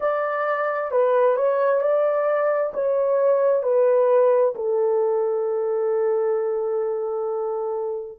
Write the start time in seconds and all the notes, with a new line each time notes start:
0.00 D5
0.91 B4
1.36 C#5
1.81 D5
2.73 C#5
3.62 B4
4.55 A4